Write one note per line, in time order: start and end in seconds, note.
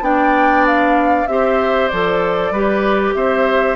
0.00 1.25 B3
0.00 1.26 D4
0.00 1.28 D5
0.00 0.66 G5
0.66 1.27 F5
1.27 1.90 C4
1.27 1.90 G4
1.27 2.52 C5
1.27 1.88 E5
1.88 2.51 F3
1.88 2.54 A4
1.88 3.13 D5
2.51 3.13 G3
2.51 3.75 G4
2.51 3.15 B4
3.14 3.75 C4
3.14 3.75 C5
3.14 3.75 E5